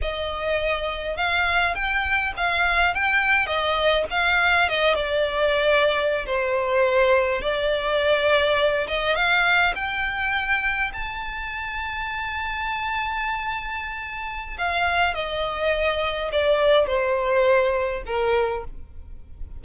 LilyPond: \new Staff \with { instrumentName = "violin" } { \time 4/4 \tempo 4 = 103 dis''2 f''4 g''4 | f''4 g''4 dis''4 f''4 | dis''8 d''2~ d''16 c''4~ c''16~ | c''8. d''2~ d''8 dis''8 f''16~ |
f''8. g''2 a''4~ a''16~ | a''1~ | a''4 f''4 dis''2 | d''4 c''2 ais'4 | }